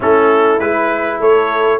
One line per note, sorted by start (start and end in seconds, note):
0.00 0.60 A3
0.00 0.59 C#4
0.00 1.18 E4
0.00 0.59 A4
0.59 1.20 G#3
0.59 1.79 E4
0.59 1.19 B4
1.20 1.79 A3
1.20 1.79 A4
1.20 1.79 C#5